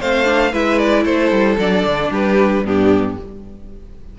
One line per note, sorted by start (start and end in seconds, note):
0.00 0.54 A3
0.00 0.25 C4
0.00 0.52 C5
0.00 0.54 F5
0.25 0.51 D4
0.52 1.06 G#3
0.52 1.59 E4
0.52 1.04 B4
0.52 0.79 E5
0.79 1.05 D5
1.05 1.31 A3
1.05 2.10 A4
1.05 1.58 C5
1.31 1.58 G3
1.58 1.85 F#3
1.58 2.66 D4
1.58 2.12 D5
1.86 2.10 D3
2.10 2.63 G3
2.10 2.64 G4
2.10 2.67 B4
2.64 3.16 G2
2.64 3.18 B3
2.64 3.18 D4
2.64 3.19 G4